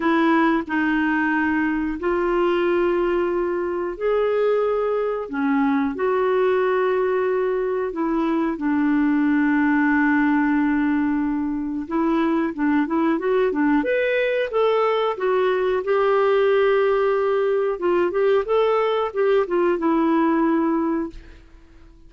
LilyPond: \new Staff \with { instrumentName = "clarinet" } { \time 4/4 \tempo 4 = 91 e'4 dis'2 f'4~ | f'2 gis'2 | cis'4 fis'2. | e'4 d'2.~ |
d'2 e'4 d'8 e'8 | fis'8 d'8 b'4 a'4 fis'4 | g'2. f'8 g'8 | a'4 g'8 f'8 e'2 | }